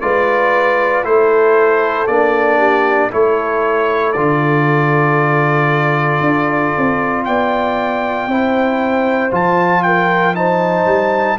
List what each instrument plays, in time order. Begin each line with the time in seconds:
0.00 tuba G#3, trombone F4, horn B4, trumpet D5
1.03 tuba A3, trombone E4, horn A4, trumpet C5
2.06 tuba A#3, trombone D4, trumpet D5
2.58 horn G4
3.11 tuba A3, trombone E4, horn A4, trumpet C#5
4.12 tuba D3, trombone F4, trumpet D5
6.19 tuba D4
6.77 tuba C4
7.24 tuba B3, horn D5, trumpet G5
8.27 tuba C4, trombone E4, horn C5
9.30 tuba F3, trombone F4, trumpet A5
9.83 horn A#4, trumpet G5
10.34 trombone D#4, horn C5, trumpet A5
10.85 tuba G3